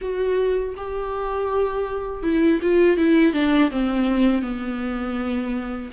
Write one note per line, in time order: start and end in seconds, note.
0.01 0.75 F#4
0.76 2.22 G4
2.22 2.59 E4
2.61 2.97 F4
2.97 3.33 E4
3.33 3.70 D4
3.70 4.41 C4
4.41 5.90 B3